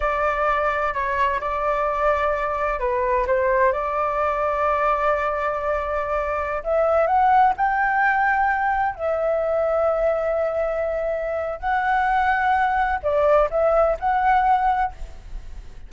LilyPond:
\new Staff \with { instrumentName = "flute" } { \time 4/4 \tempo 4 = 129 d''2 cis''4 d''4~ | d''2 b'4 c''4 | d''1~ | d''2~ d''16 e''4 fis''8.~ |
fis''16 g''2. e''8.~ | e''1~ | e''4 fis''2. | d''4 e''4 fis''2 | }